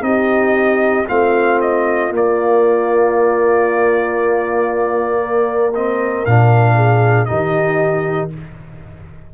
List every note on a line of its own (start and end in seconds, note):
0.00 1.05 C4
0.00 1.03 D#4
0.00 1.07 G4
0.00 1.06 D#5
1.07 2.10 A3
1.07 2.11 C4
1.07 5.21 F4
1.07 1.60 F5
1.61 2.12 D#5
2.10 6.24 A#3
2.10 5.73 A#3
2.10 5.74 D5
5.21 6.75 A#4
5.74 6.27 C4
5.74 6.25 D#5
6.25 7.30 A#2
6.25 7.27 D4
6.25 7.25 F5
6.75 7.27 G#4
7.25 8.33 D#3
7.25 8.30 D#4
7.25 8.31 G4
7.25 8.28 D#5